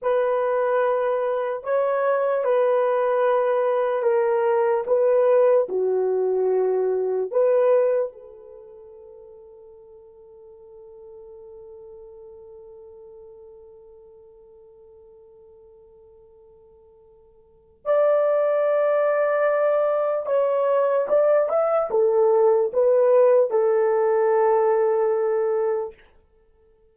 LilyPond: \new Staff \with { instrumentName = "horn" } { \time 4/4 \tempo 4 = 74 b'2 cis''4 b'4~ | b'4 ais'4 b'4 fis'4~ | fis'4 b'4 a'2~ | a'1~ |
a'1~ | a'2 d''2~ | d''4 cis''4 d''8 e''8 a'4 | b'4 a'2. | }